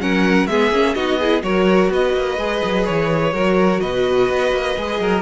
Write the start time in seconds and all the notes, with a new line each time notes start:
0.00 F#3 C#4 A#4 F#5
0.47 G#3 B3 G#4 E5
0.71 A#3 C#4
0.95 B3 D#4 F#4 D#5
1.20 E4 G#4
1.42 F#3 F#4 A#4 C#5
1.90 B3 B4 D#5
2.14 A#3
2.38 G#3 G#4
2.65 F#3
2.86 E3 C#5
3.34 F#3 F#4 A#4
3.81 B2 B4 D#5
4.30 B3
4.52 A#3
4.78 G#3 G#4
5.00 F#3 A#4